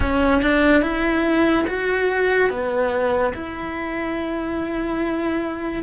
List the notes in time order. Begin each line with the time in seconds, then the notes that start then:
0.00 C#4
0.42 D4
0.81 E4
1.67 F#4
2.50 B3
3.34 E4